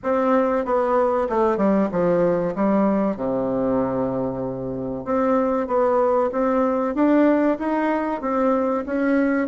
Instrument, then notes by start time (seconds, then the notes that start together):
bassoon
0.03 C4
0.65 B3
1.29 A3
1.57 G3
1.91 F3
2.55 G3
3.16 C3
5.04 C4
5.67 B3
6.32 C4
6.94 D4
7.58 D#4
8.21 C4
8.86 C#4